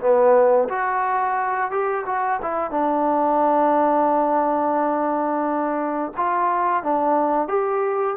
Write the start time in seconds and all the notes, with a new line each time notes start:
0.00 B3
0.69 F#4
1.71 G4
2.06 F#4
2.42 E4
2.71 D4
6.17 F4
6.83 D4
7.48 G4